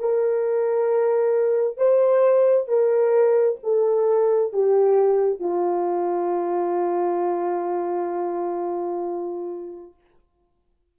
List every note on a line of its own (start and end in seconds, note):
0.00 1.78 A#4
1.78 2.68 C5
2.68 3.59 A#4
3.64 4.53 A4
4.53 5.40 G4
5.40 9.95 F4